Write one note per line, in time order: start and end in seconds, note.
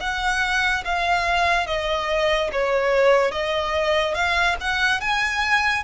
0.00 0.83 F#5
0.84 1.66 F5
1.66 2.50 D#5
2.52 3.31 C#5
3.31 4.14 D#5
4.14 4.56 F5
4.60 5.00 F#5
5.00 5.83 G#5